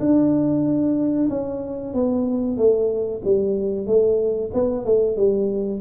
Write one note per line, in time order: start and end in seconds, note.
0.00 1.29 D4
1.30 1.94 C#4
1.94 2.57 B3
2.57 3.22 A3
3.25 3.87 G3
3.87 4.51 A3
4.54 4.86 B3
4.86 5.17 A3
5.17 5.81 G3